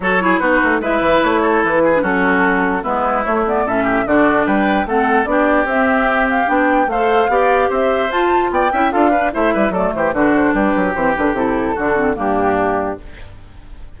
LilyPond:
<<
  \new Staff \with { instrumentName = "flute" } { \time 4/4 \tempo 4 = 148 cis''4 b'4 e''4 cis''4 | b'4 a'2 b'4 | cis''8 d''8 e''4 d''4 g''4 | fis''4 d''4 e''4. f''8 |
g''4 f''2 e''4 | a''4 g''4 f''4 e''4 | d''8 c''8 b'8 c''8 b'4 c''8 b'8 | a'2 g'2 | }
  \new Staff \with { instrumentName = "oboe" } { \time 4/4 a'8 gis'8 fis'4 b'4. a'8~ | a'8 gis'8 fis'2 e'4~ | e'4 a'8 g'8 fis'4 b'4 | a'4 g'2.~ |
g'4 c''4 d''4 c''4~ | c''4 d''8 e''8 a'8 b'8 c''8 b'8 | a'8 g'8 fis'4 g'2~ | g'4 fis'4 d'2 | }
  \new Staff \with { instrumentName = "clarinet" } { \time 4/4 fis'8 e'8 dis'4 e'2~ | e'8. d'16 cis'2 b4 | a8 b8 cis'4 d'2 | c'4 d'4 c'2 |
d'4 a'4 g'2 | f'4. e'8 f'8 d'8 e'4 | a4 d'2 c'8 d'8 | e'4 d'8 c'8 ais2 | }
  \new Staff \with { instrumentName = "bassoon" } { \time 4/4 fis4 b8 a8 gis8 e8 a4 | e4 fis2 gis4 | a4 a,4 d4 g4 | a4 b4 c'2 |
b4 a4 b4 c'4 | f'4 b8 cis'8 d'4 a8 g8 | fis8 e8 d4 g8 fis8 e8 d8 | c4 d4 g,2 | }
>>